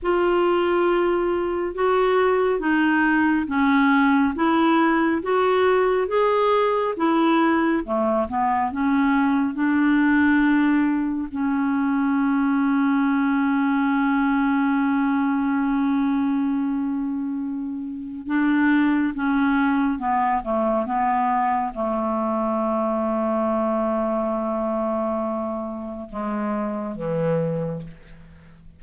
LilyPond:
\new Staff \with { instrumentName = "clarinet" } { \time 4/4 \tempo 4 = 69 f'2 fis'4 dis'4 | cis'4 e'4 fis'4 gis'4 | e'4 a8 b8 cis'4 d'4~ | d'4 cis'2.~ |
cis'1~ | cis'4 d'4 cis'4 b8 a8 | b4 a2.~ | a2 gis4 e4 | }